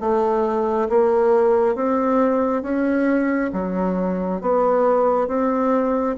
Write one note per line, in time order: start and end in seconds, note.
0.00 0.88 A3
0.89 1.75 A#3
1.75 2.62 C4
2.62 3.51 C#4
3.53 4.41 F#3
4.41 5.27 B3
5.27 6.16 C4